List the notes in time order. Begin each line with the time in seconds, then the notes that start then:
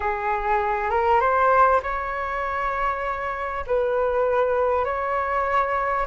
0.00 G#4
0.90 A#4
1.20 C5
1.83 C#5
3.66 B4
4.84 C#5